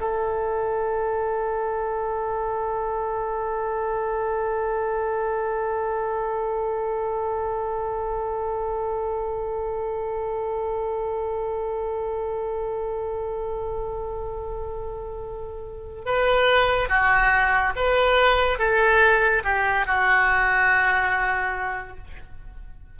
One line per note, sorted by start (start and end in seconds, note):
0.00 16.05 A4
16.05 16.89 B4
16.89 17.73 F#4
17.76 18.58 B4
18.58 19.43 A4
19.44 19.86 G4
19.86 21.98 F#4